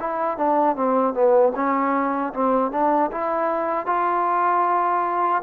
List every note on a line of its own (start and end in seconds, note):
0.00 0.38 E4
0.38 0.77 D4
0.77 1.14 C4
1.14 1.53 B3
1.55 2.33 C#4
2.34 2.72 C4
2.72 3.11 D4
3.12 3.87 E4
3.87 5.43 F4